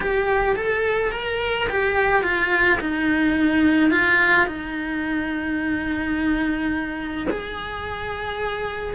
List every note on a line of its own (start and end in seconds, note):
0.00 0.56 G4
0.56 1.11 A4
1.11 1.67 A#4
1.69 2.23 G4
2.23 2.79 F4
2.80 3.90 D#4
3.90 4.46 F4
4.46 7.27 D#4
7.30 8.95 G#4